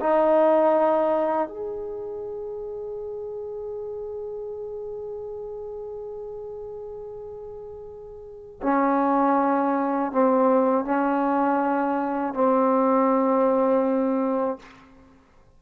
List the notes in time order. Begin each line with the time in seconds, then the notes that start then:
0.00 D#4
1.48 G#4
8.62 C#4
10.12 C4
10.85 C#4
12.34 C4